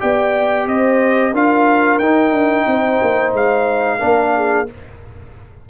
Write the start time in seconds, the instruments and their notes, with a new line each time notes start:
0.00 tuba B3, trombone G4, horn D5, trumpet G5
0.67 tuba C4, horn C5, trumpet D#5
1.33 tuba D4, trombone F4, horn A#4, trumpet F5
1.99 tuba D#4, trombone D#4, trumpet G5
2.32 tuba D4
2.67 tuba C4, horn C5
3.03 tuba A#3
3.33 tuba G#3, trumpet F5
3.99 tuba A#3, trombone D4, horn A#4
4.36 horn G#4